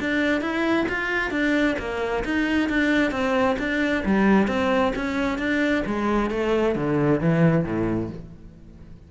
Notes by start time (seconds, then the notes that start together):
0.00 D4
0.41 E4
0.89 F4
1.31 D4
1.79 A#3
2.25 D#4
2.69 D4
3.11 C4
3.59 D4
4.05 G3
4.48 C4
4.96 C#4
5.38 D4
5.86 G#3
6.31 A3
6.75 D3
7.21 E3
7.65 A2